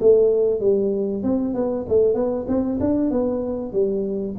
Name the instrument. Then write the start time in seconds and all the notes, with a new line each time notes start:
tuba
0.00 A3
0.60 G3
1.23 C4
1.54 B3
1.89 A3
2.14 B3
2.48 C4
2.80 D4
3.11 B3
3.73 G3